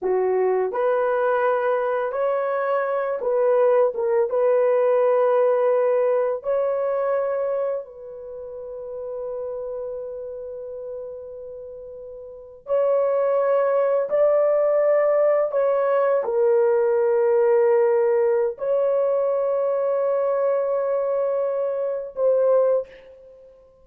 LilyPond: \new Staff \with { instrumentName = "horn" } { \time 4/4 \tempo 4 = 84 fis'4 b'2 cis''4~ | cis''8 b'4 ais'8 b'2~ | b'4 cis''2 b'4~ | b'1~ |
b'4.~ b'16 cis''2 d''16~ | d''4.~ d''16 cis''4 ais'4~ ais'16~ | ais'2 cis''2~ | cis''2. c''4 | }